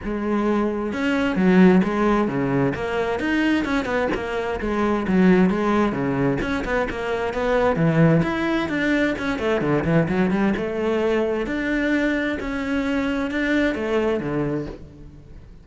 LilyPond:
\new Staff \with { instrumentName = "cello" } { \time 4/4 \tempo 4 = 131 gis2 cis'4 fis4 | gis4 cis4 ais4 dis'4 | cis'8 b8 ais4 gis4 fis4 | gis4 cis4 cis'8 b8 ais4 |
b4 e4 e'4 d'4 | cis'8 a8 d8 e8 fis8 g8 a4~ | a4 d'2 cis'4~ | cis'4 d'4 a4 d4 | }